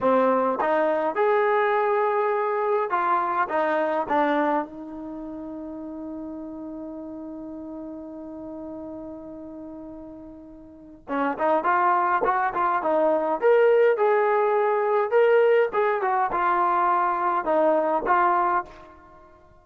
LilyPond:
\new Staff \with { instrumentName = "trombone" } { \time 4/4 \tempo 4 = 103 c'4 dis'4 gis'2~ | gis'4 f'4 dis'4 d'4 | dis'1~ | dis'1~ |
dis'2. cis'8 dis'8 | f'4 fis'8 f'8 dis'4 ais'4 | gis'2 ais'4 gis'8 fis'8 | f'2 dis'4 f'4 | }